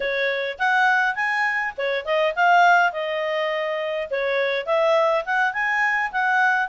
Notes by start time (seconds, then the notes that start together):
0.00 C#5
0.59 F#5
1.15 G#5
1.77 C#5
2.05 D#5
2.35 F5
2.92 D#5
4.10 C#5
4.66 E5
5.25 F#5
5.53 G#5
6.11 F#5